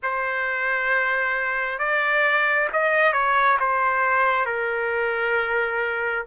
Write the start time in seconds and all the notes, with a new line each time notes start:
0.02 C5
1.78 D5
2.73 D#5
3.13 C#5
3.59 C5
4.45 A#4